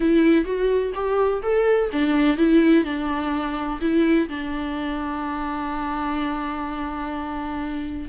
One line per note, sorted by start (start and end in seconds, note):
0.00 0.45 E4
0.45 0.92 F#4
0.94 1.42 G4
1.42 1.90 A4
1.92 2.37 D4
2.37 2.84 E4
2.84 3.79 D4
3.81 4.28 E4
4.29 8.08 D4